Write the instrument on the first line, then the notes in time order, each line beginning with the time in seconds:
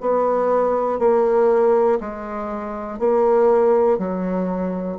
bassoon
0.00 B3
0.99 A#3
2.00 G#3
2.99 A#3
3.98 F#3